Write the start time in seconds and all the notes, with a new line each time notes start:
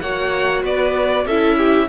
0.00 A#3 F#4 C#5 F#5
0.63 B3 B4 D5
1.25 C#4 E4 A4 E5
1.58 G4